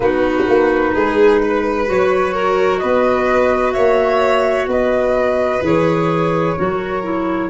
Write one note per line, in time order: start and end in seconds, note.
0.00 0.43 B3
0.00 1.86 D#4
0.00 0.94 F#4
0.00 1.87 B4
0.48 0.95 A#3
0.94 1.89 G#3
0.94 1.41 G#4
1.41 2.33 B4
1.86 2.83 F#3
1.86 5.61 F#4
1.86 2.78 C#5
2.33 2.79 A#4
2.78 3.76 B3
2.78 3.74 B4
2.78 3.72 D#5
3.72 4.67 A#3
3.72 4.67 C#5
3.72 4.66 E5
4.67 5.60 B3
4.67 6.57 B4
4.67 5.63 D#5
5.61 6.55 E3
5.61 6.56 G#4
5.61 7.49 C#5
6.57 7.49 F#3
6.57 7.03 F#4
6.57 7.49 A#4
7.03 7.49 E4